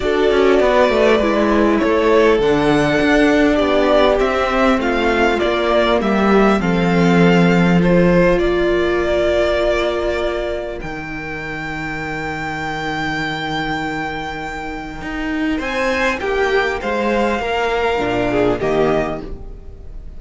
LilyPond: <<
  \new Staff \with { instrumentName = "violin" } { \time 4/4 \tempo 4 = 100 d''2. cis''4 | fis''2 d''4 e''4 | f''4 d''4 e''4 f''4~ | f''4 c''4 d''2~ |
d''2 g''2~ | g''1~ | g''2 gis''4 g''4 | f''2. dis''4 | }
  \new Staff \with { instrumentName = "violin" } { \time 4/4 a'4 b'2 a'4~ | a'2 g'2 | f'2 g'4 a'4~ | a'2 ais'2~ |
ais'1~ | ais'1~ | ais'2 c''4 g'4 | c''4 ais'4. gis'8 g'4 | }
  \new Staff \with { instrumentName = "viola" } { \time 4/4 fis'2 e'2 | d'2. c'4~ | c'4 ais2 c'4~ | c'4 f'2.~ |
f'2 dis'2~ | dis'1~ | dis'1~ | dis'2 d'4 ais4 | }
  \new Staff \with { instrumentName = "cello" } { \time 4/4 d'8 cis'8 b8 a8 gis4 a4 | d4 d'4 b4 c'4 | a4 ais4 g4 f4~ | f2 ais2~ |
ais2 dis2~ | dis1~ | dis4 dis'4 c'4 ais4 | gis4 ais4 ais,4 dis4 | }
>>